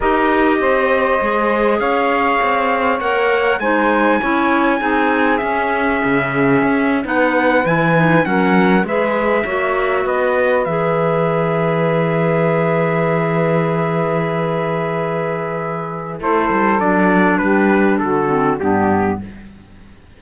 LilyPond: <<
  \new Staff \with { instrumentName = "trumpet" } { \time 4/4 \tempo 4 = 100 dis''2. f''4~ | f''4 fis''4 gis''2~ | gis''4 e''2~ e''8. fis''16~ | fis''8. gis''4 fis''4 e''4~ e''16~ |
e''8. dis''4 e''2~ e''16~ | e''1~ | e''2. c''4 | d''4 b'4 a'4 g'4 | }
  \new Staff \with { instrumentName = "saxophone" } { \time 4/4 ais'4 c''2 cis''4~ | cis''2 c''4 cis''4 | gis'2.~ gis'8. b'16~ | b'4.~ b'16 ais'4 b'4 cis''16~ |
cis''8. b'2.~ b'16~ | b'1~ | b'2. a'4~ | a'4 g'4 fis'4 d'4 | }
  \new Staff \with { instrumentName = "clarinet" } { \time 4/4 g'2 gis'2~ | gis'4 ais'4 dis'4 e'4 | dis'4 cis'2~ cis'8. dis'16~ | dis'8. e'8 dis'8 cis'4 gis'4 fis'16~ |
fis'4.~ fis'16 gis'2~ gis'16~ | gis'1~ | gis'2. e'4 | d'2~ d'8 c'8 b4 | }
  \new Staff \with { instrumentName = "cello" } { \time 4/4 dis'4 c'4 gis4 cis'4 | c'4 ais4 gis4 cis'4 | c'4 cis'4 cis4 cis'8. b16~ | b8. e4 fis4 gis4 ais16~ |
ais8. b4 e2~ e16~ | e1~ | e2. a8 g8 | fis4 g4 d4 g,4 | }
>>